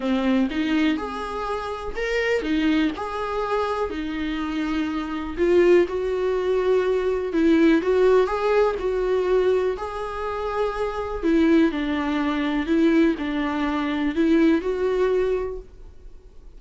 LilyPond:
\new Staff \with { instrumentName = "viola" } { \time 4/4 \tempo 4 = 123 c'4 dis'4 gis'2 | ais'4 dis'4 gis'2 | dis'2. f'4 | fis'2. e'4 |
fis'4 gis'4 fis'2 | gis'2. e'4 | d'2 e'4 d'4~ | d'4 e'4 fis'2 | }